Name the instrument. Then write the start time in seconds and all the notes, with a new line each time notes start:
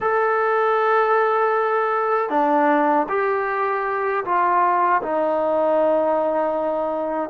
trombone
0.00 A4
2.29 D4
3.08 G4
4.24 F4
5.02 D#4